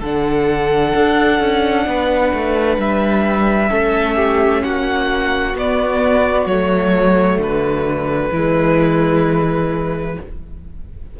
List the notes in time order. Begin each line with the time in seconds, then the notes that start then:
0.00 D3 D4 A4 F#5
0.95 D4
1.40 C#4
1.86 B3 B4
2.33 A3
2.77 G3 E5
3.69 A3 C#4 A4
4.16 G4
4.63 A#3 F#4 F#5
5.54 B3 D5
6.46 F#3 A3 C#5
7.38 D3 B4
8.31 E3 G#3 E4